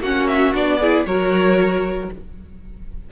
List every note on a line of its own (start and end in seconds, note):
0.00 0.52 A#3
0.00 0.53 C#4
0.00 0.79 F#4
0.00 0.27 F#5
0.27 0.53 E5
0.53 1.05 B3
0.53 0.80 D4
0.53 1.06 D5
0.79 1.07 E4
0.79 1.05 G#4
1.05 2.09 F#3
1.05 2.11 F#4
1.05 2.11 A#4
1.05 2.10 C#5